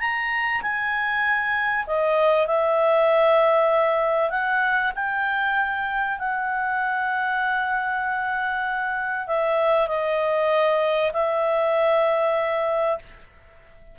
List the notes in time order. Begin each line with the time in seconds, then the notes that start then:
0.00 A#5
0.62 G#5
1.87 D#5
2.47 E5
4.30 F#5
4.95 G5
6.19 F#5
9.27 E5
9.88 D#5
11.13 E5